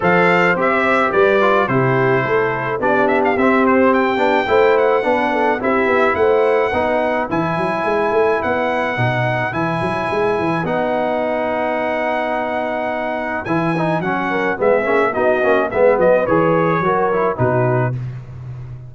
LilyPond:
<<
  \new Staff \with { instrumentName = "trumpet" } { \time 4/4 \tempo 4 = 107 f''4 e''4 d''4 c''4~ | c''4 d''8 e''16 f''16 e''8 c''8 g''4~ | g''8 fis''4. e''4 fis''4~ | fis''4 gis''2 fis''4~ |
fis''4 gis''2 fis''4~ | fis''1 | gis''4 fis''4 e''4 dis''4 | e''8 dis''8 cis''2 b'4 | }
  \new Staff \with { instrumentName = "horn" } { \time 4/4 c''2 b'4 g'4 | a'4 g'2. | c''4 b'8 a'8 g'4 c''4 | b'1~ |
b'1~ | b'1~ | b'4. ais'8 gis'4 fis'4 | b'2 ais'4 fis'4 | }
  \new Staff \with { instrumentName = "trombone" } { \time 4/4 a'4 g'4. f'8 e'4~ | e'4 d'4 c'4. d'8 | e'4 d'4 e'2 | dis'4 e'2. |
dis'4 e'2 dis'4~ | dis'1 | e'8 dis'8 cis'4 b8 cis'8 dis'8 cis'8 | b4 gis'4 fis'8 e'8 dis'4 | }
  \new Staff \with { instrumentName = "tuba" } { \time 4/4 f4 c'4 g4 c4 | a4 b4 c'4. b8 | a4 b4 c'8 b8 a4 | b4 e8 fis8 gis8 a8 b4 |
b,4 e8 fis8 gis8 e8 b4~ | b1 | e4 fis4 gis8 ais8 b8 ais8 | gis8 fis8 e4 fis4 b,4 | }
>>